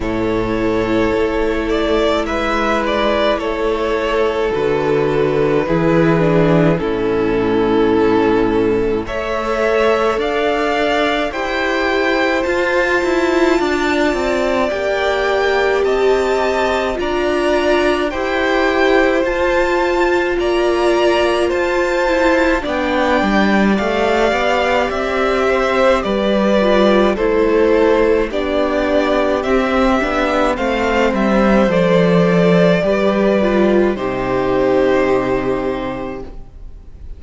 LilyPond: <<
  \new Staff \with { instrumentName = "violin" } { \time 4/4 \tempo 4 = 53 cis''4. d''8 e''8 d''8 cis''4 | b'2 a'2 | e''4 f''4 g''4 a''4~ | a''4 g''4 a''4 ais''4 |
g''4 a''4 ais''4 a''4 | g''4 f''4 e''4 d''4 | c''4 d''4 e''4 f''8 e''8 | d''2 c''2 | }
  \new Staff \with { instrumentName = "violin" } { \time 4/4 a'2 b'4 a'4~ | a'4 gis'4 e'2 | cis''4 d''4 c''2 | d''2 dis''4 d''4 |
c''2 d''4 c''4 | d''2~ d''8 c''8 b'4 | a'4 g'2 c''4~ | c''4 b'4 g'2 | }
  \new Staff \with { instrumentName = "viola" } { \time 4/4 e'1 | fis'4 e'8 d'8 cis'2 | a'2 g'4 f'4~ | f'4 g'2 f'4 |
g'4 f'2~ f'8 e'8 | d'4 g'2~ g'8 f'8 | e'4 d'4 c'8 d'8 c'4 | a'4 g'8 f'8 dis'2 | }
  \new Staff \with { instrumentName = "cello" } { \time 4/4 a,4 a4 gis4 a4 | d4 e4 a,2 | a4 d'4 e'4 f'8 e'8 | d'8 c'8 ais4 c'4 d'4 |
e'4 f'4 ais4 f'4 | b8 g8 a8 b8 c'4 g4 | a4 b4 c'8 b8 a8 g8 | f4 g4 c2 | }
>>